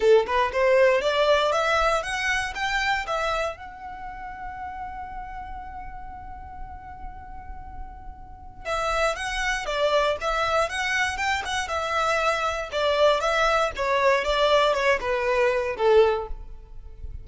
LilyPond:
\new Staff \with { instrumentName = "violin" } { \time 4/4 \tempo 4 = 118 a'8 b'8 c''4 d''4 e''4 | fis''4 g''4 e''4 fis''4~ | fis''1~ | fis''1~ |
fis''4 e''4 fis''4 d''4 | e''4 fis''4 g''8 fis''8 e''4~ | e''4 d''4 e''4 cis''4 | d''4 cis''8 b'4. a'4 | }